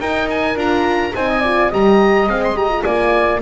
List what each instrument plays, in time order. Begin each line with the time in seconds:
0.00 horn D#4, double bass D#4, flute A#4, oboe G5
0.30 oboe G#5
0.56 double bass D4, horn F4, oboe A#5
1.15 double bass C4, horn D#4, flute C5, oboe G#5
1.28 flute D#5
1.41 horn F4, flute D5
1.69 double bass G3, horn G4, flute D#5, oboe A#5
2.27 double bass G#3, horn C4, oboe F5
2.44 oboe C6
2.55 horn G4, oboe A#5
2.69 horn F4
2.84 double bass A#3, flute D5, oboe G#5